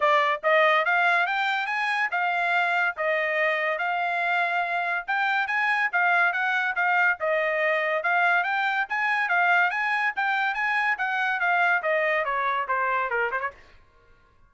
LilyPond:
\new Staff \with { instrumentName = "trumpet" } { \time 4/4 \tempo 4 = 142 d''4 dis''4 f''4 g''4 | gis''4 f''2 dis''4~ | dis''4 f''2. | g''4 gis''4 f''4 fis''4 |
f''4 dis''2 f''4 | g''4 gis''4 f''4 gis''4 | g''4 gis''4 fis''4 f''4 | dis''4 cis''4 c''4 ais'8 c''16 cis''16 | }